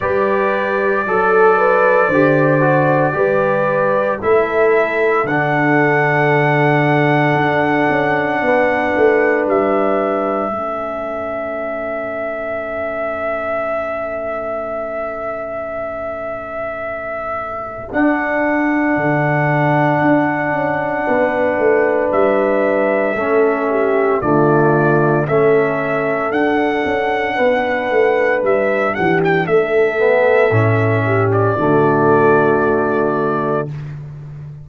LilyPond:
<<
  \new Staff \with { instrumentName = "trumpet" } { \time 4/4 \tempo 4 = 57 d''1 | e''4 fis''2.~ | fis''4 e''2.~ | e''1~ |
e''4 fis''2.~ | fis''4 e''2 d''4 | e''4 fis''2 e''8 fis''16 g''16 | e''4.~ e''16 d''2~ d''16 | }
  \new Staff \with { instrumentName = "horn" } { \time 4/4 b'4 a'8 b'8 c''4 b'4 | a'1 | b'2 a'2~ | a'1~ |
a'1 | b'2 a'8 g'8 f'4 | a'2 b'4. g'8 | a'4. g'8 fis'2 | }
  \new Staff \with { instrumentName = "trombone" } { \time 4/4 g'4 a'4 g'8 fis'8 g'4 | e'4 d'2.~ | d'2 cis'2~ | cis'1~ |
cis'4 d'2.~ | d'2 cis'4 a4 | cis'4 d'2.~ | d'8 b8 cis'4 a2 | }
  \new Staff \with { instrumentName = "tuba" } { \time 4/4 g4 fis4 d4 g4 | a4 d2 d'8 cis'8 | b8 a8 g4 a2~ | a1~ |
a4 d'4 d4 d'8 cis'8 | b8 a8 g4 a4 d4 | a4 d'8 cis'8 b8 a8 g8 e8 | a4 a,4 d2 | }
>>